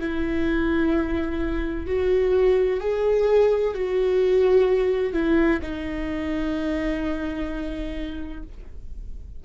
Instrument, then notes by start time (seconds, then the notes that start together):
viola
0.00 E4
1.87 F#4
2.81 G#4
3.75 F#4
5.13 E4
5.62 D#4